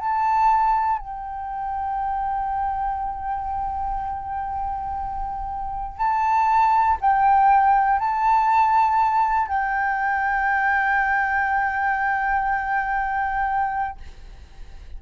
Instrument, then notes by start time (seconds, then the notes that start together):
flute
0.00 A5
0.99 G5
5.98 A5
7.01 G5
8.00 A5
9.49 G5